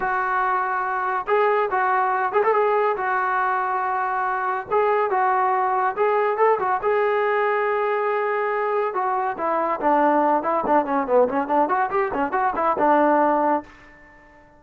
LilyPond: \new Staff \with { instrumentName = "trombone" } { \time 4/4 \tempo 4 = 141 fis'2. gis'4 | fis'4. gis'16 a'16 gis'4 fis'4~ | fis'2. gis'4 | fis'2 gis'4 a'8 fis'8 |
gis'1~ | gis'4 fis'4 e'4 d'4~ | d'8 e'8 d'8 cis'8 b8 cis'8 d'8 fis'8 | g'8 cis'8 fis'8 e'8 d'2 | }